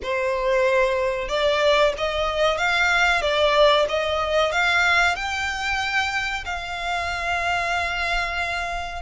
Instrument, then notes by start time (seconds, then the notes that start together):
violin
0.02 C5
1.28 D5
1.97 D#5
2.57 F5
3.21 D5
3.89 D#5
4.52 F5
5.15 G5
6.45 F5